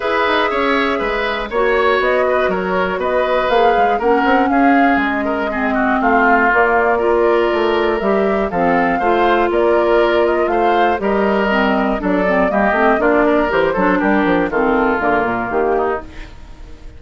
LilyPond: <<
  \new Staff \with { instrumentName = "flute" } { \time 4/4 \tempo 4 = 120 e''2. cis''4 | dis''4 cis''4 dis''4 f''4 | fis''4 f''4 dis''2 | f''4 d''2. |
e''4 f''2 d''4~ | d''8 dis''8 f''4 dis''2 | d''4 dis''4 d''4 c''4 | ais'4 a'4 ais'4 g'4 | }
  \new Staff \with { instrumentName = "oboe" } { \time 4/4 b'4 cis''4 b'4 cis''4~ | cis''8 b'8 ais'4 b'2 | ais'4 gis'4. ais'8 gis'8 fis'8 | f'2 ais'2~ |
ais'4 a'4 c''4 ais'4~ | ais'4 c''4 ais'2 | a'4 g'4 f'8 ais'4 a'8 | g'4 f'2~ f'8 dis'8 | }
  \new Staff \with { instrumentName = "clarinet" } { \time 4/4 gis'2. fis'4~ | fis'2. gis'4 | cis'2. c'4~ | c'4 ais4 f'2 |
g'4 c'4 f'2~ | f'2 g'4 c'4 | d'8 c'8 ais8 c'8 d'4 g'8 d'8~ | d'4 c'4 ais2 | }
  \new Staff \with { instrumentName = "bassoon" } { \time 4/4 e'8 dis'8 cis'4 gis4 ais4 | b4 fis4 b4 ais8 gis8 | ais8 c'8 cis'4 gis2 | a4 ais2 a4 |
g4 f4 a4 ais4~ | ais4 a4 g2 | fis4 g8 a8 ais4 e8 fis8 | g8 f8 dis4 d8 ais,8 dis4 | }
>>